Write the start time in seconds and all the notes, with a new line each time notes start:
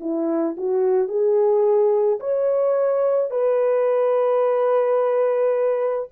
0.00 E4
0.57 F#4
1.08 G#4
2.20 C#5
3.30 B4